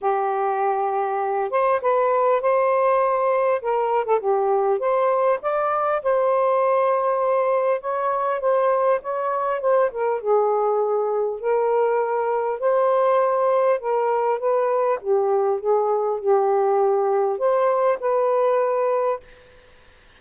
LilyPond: \new Staff \with { instrumentName = "saxophone" } { \time 4/4 \tempo 4 = 100 g'2~ g'8 c''8 b'4 | c''2 ais'8. a'16 g'4 | c''4 d''4 c''2~ | c''4 cis''4 c''4 cis''4 |
c''8 ais'8 gis'2 ais'4~ | ais'4 c''2 ais'4 | b'4 g'4 gis'4 g'4~ | g'4 c''4 b'2 | }